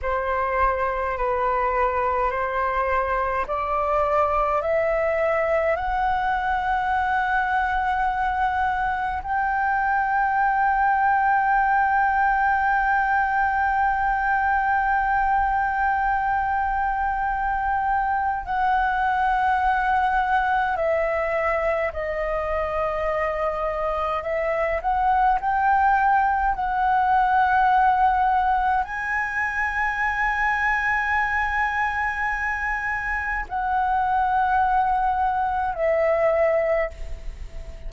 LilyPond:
\new Staff \with { instrumentName = "flute" } { \time 4/4 \tempo 4 = 52 c''4 b'4 c''4 d''4 | e''4 fis''2. | g''1~ | g''1 |
fis''2 e''4 dis''4~ | dis''4 e''8 fis''8 g''4 fis''4~ | fis''4 gis''2.~ | gis''4 fis''2 e''4 | }